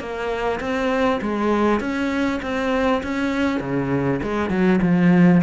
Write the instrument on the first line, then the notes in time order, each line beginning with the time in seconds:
cello
0.00 A#3
0.60 C4
1.22 G#3
1.80 C#4
2.42 C4
3.03 C#4
3.60 C#3
4.23 G#3
4.50 F#3
4.82 F3